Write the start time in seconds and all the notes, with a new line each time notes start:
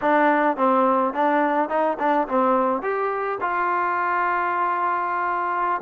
0.01 D4
0.57 C4
1.13 D4
1.69 D#4
1.99 D4
2.27 C4
2.81 G4
3.40 F4